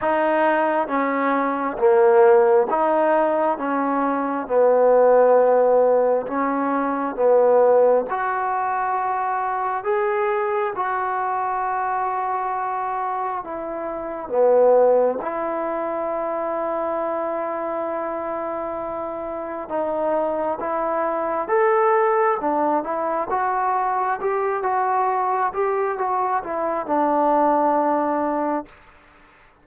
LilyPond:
\new Staff \with { instrumentName = "trombone" } { \time 4/4 \tempo 4 = 67 dis'4 cis'4 ais4 dis'4 | cis'4 b2 cis'4 | b4 fis'2 gis'4 | fis'2. e'4 |
b4 e'2.~ | e'2 dis'4 e'4 | a'4 d'8 e'8 fis'4 g'8 fis'8~ | fis'8 g'8 fis'8 e'8 d'2 | }